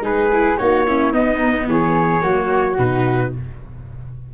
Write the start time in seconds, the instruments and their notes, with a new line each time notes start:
0.00 tuba G#3, viola D#4, flute G#4, trumpet B4
0.32 viola E4
0.57 tuba A#3, viola D#4, flute F#4, trumpet C#5
0.86 viola C#4, flute E4
1.12 tuba B3, viola B3, flute D#4, trumpet D#5
1.67 tuba E3, flute G#4, trumpet C#5
2.21 tuba F#3, viola A#3, flute F#4
2.78 tuba B2, viola D#4, trumpet B4